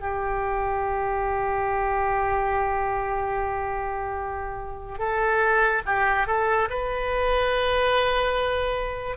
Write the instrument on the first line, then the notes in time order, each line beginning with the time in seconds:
oboe
0.00 G4
4.99 A4
5.86 G4
6.27 A4
6.70 B4